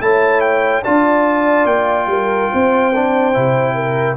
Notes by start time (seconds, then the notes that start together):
0.00 A3 E4 C#5 A5
0.41 G5
0.83 D4 F4 D5 A5
1.65 A#3 G5
2.07 G3 A#4
2.51 C4 C5
2.95 D4
3.33 C3 E4
3.75 A#4